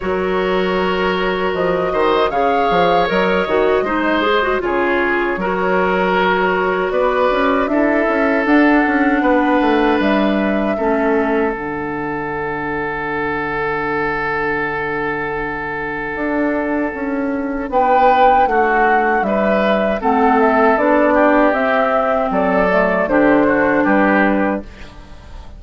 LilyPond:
<<
  \new Staff \with { instrumentName = "flute" } { \time 4/4 \tempo 4 = 78 cis''2 dis''4 f''4 | dis''2 cis''2~ | cis''4 d''4 e''4 fis''4~ | fis''4 e''2 fis''4~ |
fis''1~ | fis''2. g''4 | fis''4 e''4 fis''8 e''8 d''4 | e''4 d''4 c''4 b'4 | }
  \new Staff \with { instrumentName = "oboe" } { \time 4/4 ais'2~ ais'8 c''8 cis''4~ | cis''4 c''4 gis'4 ais'4~ | ais'4 b'4 a'2 | b'2 a'2~ |
a'1~ | a'2. b'4 | fis'4 b'4 a'4. g'8~ | g'4 a'4 g'8 fis'8 g'4 | }
  \new Staff \with { instrumentName = "clarinet" } { \time 4/4 fis'2. gis'4 | ais'8 fis'8 dis'8 gis'16 fis'16 f'4 fis'4~ | fis'2 e'4 d'4~ | d'2 cis'4 d'4~ |
d'1~ | d'1~ | d'2 c'4 d'4 | c'4. a8 d'2 | }
  \new Staff \with { instrumentName = "bassoon" } { \time 4/4 fis2 f8 dis8 cis8 f8 | fis8 dis8 gis4 cis4 fis4~ | fis4 b8 cis'8 d'8 cis'8 d'8 cis'8 | b8 a8 g4 a4 d4~ |
d1~ | d4 d'4 cis'4 b4 | a4 g4 a4 b4 | c'4 fis4 d4 g4 | }
>>